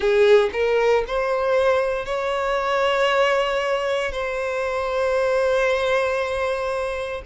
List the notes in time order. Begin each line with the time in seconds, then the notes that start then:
0.00 G#4
0.52 A#4
1.07 C5
2.05 C#5
4.11 C5